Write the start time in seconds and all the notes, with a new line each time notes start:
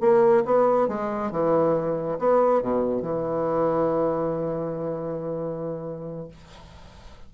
0.00 A#3
0.45 B3
0.88 G#3
1.31 E3
2.19 B3
2.62 B2
3.02 E3